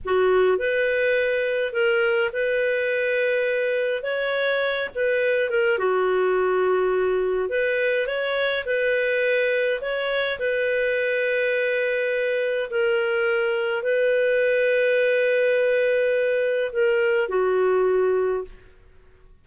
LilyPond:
\new Staff \with { instrumentName = "clarinet" } { \time 4/4 \tempo 4 = 104 fis'4 b'2 ais'4 | b'2. cis''4~ | cis''8 b'4 ais'8 fis'2~ | fis'4 b'4 cis''4 b'4~ |
b'4 cis''4 b'2~ | b'2 ais'2 | b'1~ | b'4 ais'4 fis'2 | }